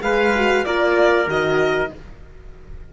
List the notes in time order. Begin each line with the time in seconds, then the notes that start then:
0.00 G#3 G#4 B4 F5
0.35 F#4
0.65 A#3 F4 A#4 D5
1.27 D#3 F#4 D#5